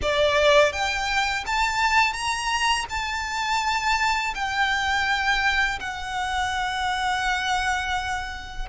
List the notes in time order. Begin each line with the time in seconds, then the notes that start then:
0.02 D5
0.72 G5
1.46 A5
2.13 A#5
2.89 A5
4.34 G5
5.79 F#5